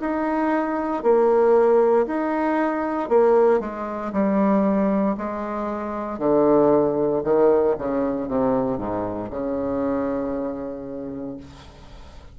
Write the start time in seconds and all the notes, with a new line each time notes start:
0.00 D#4
1.03 A#3
2.07 D#4
3.09 A#3
3.60 G#3
4.13 G3
5.17 G#3
6.19 D3
7.24 D#3
7.78 C#3
8.28 C3
8.78 G#2
9.31 C#3